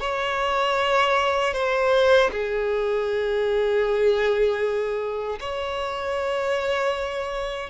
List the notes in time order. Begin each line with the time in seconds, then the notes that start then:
0.00 C#5
1.53 C5
2.31 G#4
5.40 C#5